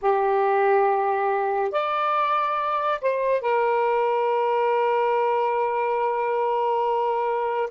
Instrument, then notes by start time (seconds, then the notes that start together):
saxophone
0.01 G4
1.71 D5
3.01 C5
3.41 A#4